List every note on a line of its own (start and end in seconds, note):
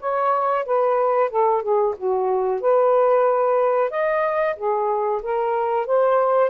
0.00 0.65 C#5
0.66 1.30 B4
1.30 1.62 A4
1.62 1.95 G#4
1.97 2.61 F#4
2.61 3.91 B4
3.91 4.56 D#5
4.57 5.22 G#4
5.23 5.86 A#4
5.86 6.50 C5